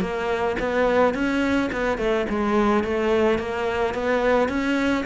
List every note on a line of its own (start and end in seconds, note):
0.00 0.56 A#3
0.59 1.14 B3
1.14 1.70 C#4
1.72 1.98 B3
1.98 2.26 A3
2.29 2.84 G#3
2.84 3.38 A3
3.38 3.94 A#3
3.94 4.48 B3
4.48 5.04 C#4